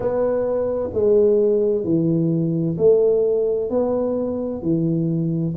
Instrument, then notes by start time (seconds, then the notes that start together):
tuba
0.00 B3
0.93 G#3
1.84 E3
2.77 A3
3.70 B3
4.62 E3